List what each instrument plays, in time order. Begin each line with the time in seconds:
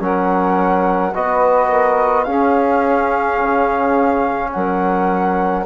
0.00 bassoon F#3, trombone C#4, saxophone A#4, flute F#5
1.14 bassoon B3, trombone F#4, saxophone B4, flute D#5
1.69 saxophone A#4
2.24 trombone C#4, bassoon C#4, saxophone G#4, flute F5
3.42 bassoon C#3
4.52 bassoon F#3, saxophone A#4, flute F#5